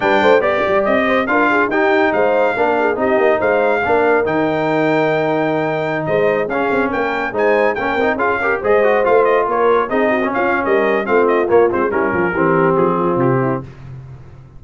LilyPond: <<
  \new Staff \with { instrumentName = "trumpet" } { \time 4/4 \tempo 4 = 141 g''4 d''4 dis''4 f''4 | g''4 f''2 dis''4 | f''2 g''2~ | g''2~ g''16 dis''4 f''8.~ |
f''16 g''4 gis''4 g''4 f''8.~ | f''16 dis''4 f''8 dis''8 cis''4 dis''8.~ | dis''16 f''8. dis''4 f''8 dis''8 cis''8 c''8 | ais'2 gis'4 g'4 | }
  \new Staff \with { instrumentName = "horn" } { \time 4/4 b'8 c''8 d''4. c''8 ais'8 gis'8 | g'4 c''4 ais'8 gis'8 g'4 | c''4 ais'2.~ | ais'2~ ais'16 c''4 gis'8.~ |
gis'16 ais'4 c''4 ais'4 gis'8 ais'16~ | ais'16 c''2 ais'4 gis'8 fis'16~ | fis'16 f'8. ais'4 f'2 | e'8 f'8 g'4. f'4 e'8 | }
  \new Staff \with { instrumentName = "trombone" } { \time 4/4 d'4 g'2 f'4 | dis'2 d'4 dis'4~ | dis'4 d'4 dis'2~ | dis'2.~ dis'16 cis'8.~ |
cis'4~ cis'16 dis'4 cis'8 dis'8 f'8 g'16~ | g'16 gis'8 fis'8 f'2 dis'8. | cis'2 c'4 ais8 c'8 | cis'4 c'2. | }
  \new Staff \with { instrumentName = "tuba" } { \time 4/4 g8 a8 b8 g8 c'4 d'4 | dis'4 gis4 ais4 c'8 ais8 | gis4 ais4 dis2~ | dis2~ dis16 gis4 cis'8 c'16~ |
c'16 ais4 gis4 ais8 c'8 cis'8.~ | cis'16 gis4 a4 ais4 c'8.~ | c'16 cis'8. g4 a4 ais8 gis8 | g8 f8 e4 f4 c4 | }
>>